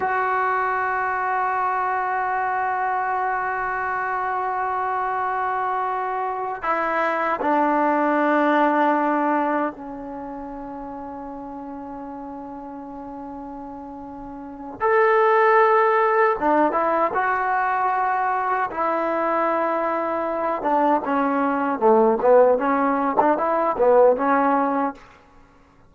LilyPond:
\new Staff \with { instrumentName = "trombone" } { \time 4/4 \tempo 4 = 77 fis'1~ | fis'1~ | fis'8 e'4 d'2~ d'8~ | d'8 cis'2.~ cis'8~ |
cis'2. a'4~ | a'4 d'8 e'8 fis'2 | e'2~ e'8 d'8 cis'4 | a8 b8 cis'8. d'16 e'8 b8 cis'4 | }